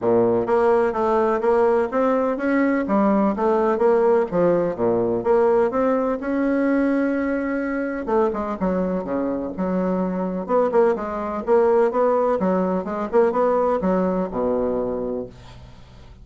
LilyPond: \new Staff \with { instrumentName = "bassoon" } { \time 4/4 \tempo 4 = 126 ais,4 ais4 a4 ais4 | c'4 cis'4 g4 a4 | ais4 f4 ais,4 ais4 | c'4 cis'2.~ |
cis'4 a8 gis8 fis4 cis4 | fis2 b8 ais8 gis4 | ais4 b4 fis4 gis8 ais8 | b4 fis4 b,2 | }